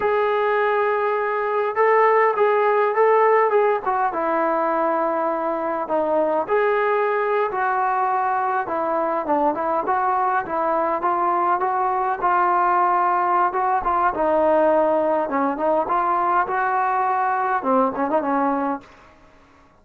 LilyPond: \new Staff \with { instrumentName = "trombone" } { \time 4/4 \tempo 4 = 102 gis'2. a'4 | gis'4 a'4 gis'8 fis'8 e'4~ | e'2 dis'4 gis'4~ | gis'8. fis'2 e'4 d'16~ |
d'16 e'8 fis'4 e'4 f'4 fis'16~ | fis'8. f'2~ f'16 fis'8 f'8 | dis'2 cis'8 dis'8 f'4 | fis'2 c'8 cis'16 dis'16 cis'4 | }